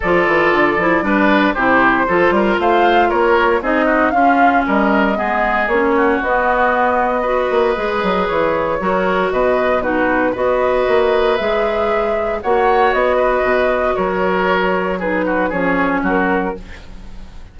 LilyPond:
<<
  \new Staff \with { instrumentName = "flute" } { \time 4/4 \tempo 4 = 116 d''2. c''4~ | c''4 f''4 cis''4 dis''4 | f''4 dis''2 cis''4 | dis''1 |
cis''2 dis''4 b'4 | dis''2 e''2 | fis''4 dis''2 cis''4~ | cis''4 b'4 cis''4 ais'4 | }
  \new Staff \with { instrumentName = "oboe" } { \time 4/4 a'2 b'4 g'4 | a'8 ais'8 c''4 ais'4 gis'8 fis'8 | f'4 ais'4 gis'4. fis'8~ | fis'2 b'2~ |
b'4 ais'4 b'4 fis'4 | b'1 | cis''4. b'4. ais'4~ | ais'4 gis'8 fis'8 gis'4 fis'4 | }
  \new Staff \with { instrumentName = "clarinet" } { \time 4/4 f'4. e'8 d'4 e'4 | f'2. dis'4 | cis'2 b4 cis'4 | b2 fis'4 gis'4~ |
gis'4 fis'2 dis'4 | fis'2 gis'2 | fis'1~ | fis'4 dis'4 cis'2 | }
  \new Staff \with { instrumentName = "bassoon" } { \time 4/4 f8 e8 d8 f8 g4 c4 | f8 g8 a4 ais4 c'4 | cis'4 g4 gis4 ais4 | b2~ b8 ais8 gis8 fis8 |
e4 fis4 b,2 | b4 ais4 gis2 | ais4 b4 b,4 fis4~ | fis2 f4 fis4 | }
>>